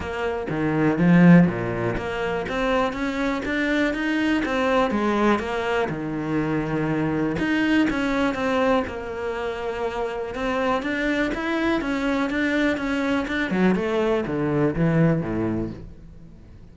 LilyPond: \new Staff \with { instrumentName = "cello" } { \time 4/4 \tempo 4 = 122 ais4 dis4 f4 ais,4 | ais4 c'4 cis'4 d'4 | dis'4 c'4 gis4 ais4 | dis2. dis'4 |
cis'4 c'4 ais2~ | ais4 c'4 d'4 e'4 | cis'4 d'4 cis'4 d'8 fis8 | a4 d4 e4 a,4 | }